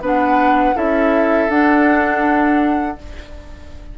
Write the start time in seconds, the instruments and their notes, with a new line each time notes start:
0.00 bassoon B3, clarinet D4, oboe B4, flute F#5
0.75 bassoon C#4, clarinet E4, oboe A4, flute E5
1.49 bassoon D4, clarinet D4, flute F#5